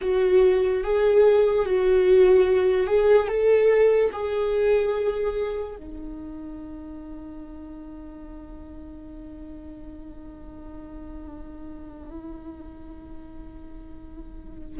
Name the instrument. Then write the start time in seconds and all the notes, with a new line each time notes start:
viola
0.01 F#4
0.83 G#4
1.65 F#4
2.87 G#4
3.28 A4
4.12 G#4
5.76 D#4